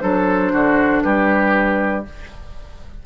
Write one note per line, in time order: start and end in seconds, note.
0.00 0.53 F#3
0.00 2.05 D4
0.00 0.53 A4
0.00 1.02 C5
0.53 1.04 D3
0.53 1.04 F#4
1.02 2.06 G3
1.02 2.06 G4
1.02 2.04 B4